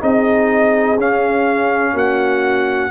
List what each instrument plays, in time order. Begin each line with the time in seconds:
0.00 tuba C4, trombone D#4, horn G#4, trumpet D#5
0.97 tuba C#4, trombone C#4, trumpet F5
1.93 tuba A#3, horn F#4, trumpet F#5